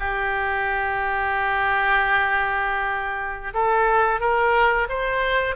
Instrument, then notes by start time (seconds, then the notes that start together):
oboe
0.00 G4
3.54 A4
4.21 A#4
4.89 C5